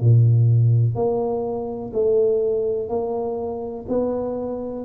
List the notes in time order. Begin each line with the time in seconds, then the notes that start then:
0.00 A#2
0.95 A#3
1.93 A3
2.89 A#3
3.88 B3